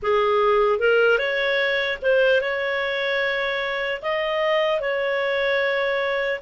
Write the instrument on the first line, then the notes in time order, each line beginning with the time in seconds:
clarinet
0.02 G#4
0.79 A#4
1.18 C#5
2.02 C5
2.41 C#5
4.02 D#5
4.80 C#5